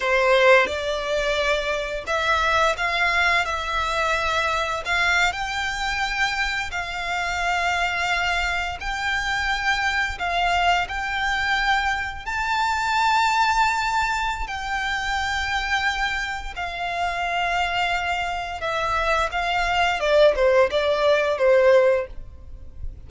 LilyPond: \new Staff \with { instrumentName = "violin" } { \time 4/4 \tempo 4 = 87 c''4 d''2 e''4 | f''4 e''2 f''8. g''16~ | g''4.~ g''16 f''2~ f''16~ | f''8. g''2 f''4 g''16~ |
g''4.~ g''16 a''2~ a''16~ | a''4 g''2. | f''2. e''4 | f''4 d''8 c''8 d''4 c''4 | }